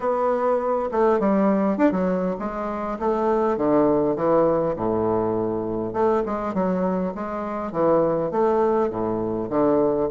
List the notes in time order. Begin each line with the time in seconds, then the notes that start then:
0.00 B3
0.91 A3
1.19 G3
1.77 D4
1.91 F#3
2.39 G#3
2.99 A3
3.57 D3
4.16 E3
4.76 A2
5.93 A3
6.25 G#3
6.54 F#3
7.14 G#3
7.72 E3
8.31 A3
8.89 A2
9.49 D3